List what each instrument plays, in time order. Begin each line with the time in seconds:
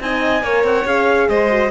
0.00 cello C4, horn D#4, violin D#5, trumpet G#5
0.42 cello A#3, horn A#4, violin C#5
0.63 cello C4, trumpet F#5
0.85 cello C#4, horn G#4, trumpet F5
1.28 cello G#3, violin C5, trumpet D#5
1.50 horn F#4